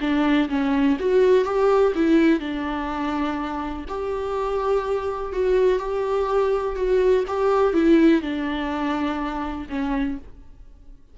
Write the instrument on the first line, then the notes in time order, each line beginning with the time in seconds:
viola
0.00 D4
0.49 C#4
0.99 F#4
1.45 G4
1.95 E4
2.40 D4
3.88 G4
5.32 F#4
5.79 G4
6.76 F#4
7.28 G4
7.73 E4
8.22 D4
9.69 C#4